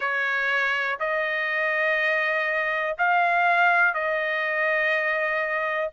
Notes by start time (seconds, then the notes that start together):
0.00 C#5
0.99 D#5
2.98 F5
3.93 D#5